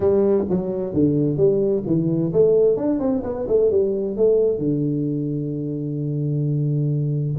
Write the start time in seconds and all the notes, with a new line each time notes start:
0.00 G3
0.49 F#3
0.93 D3
1.37 G3
1.86 E3
2.32 A3
2.77 D4
2.99 C4
3.23 B3
3.48 A3
3.70 G3
4.16 A3
4.58 D3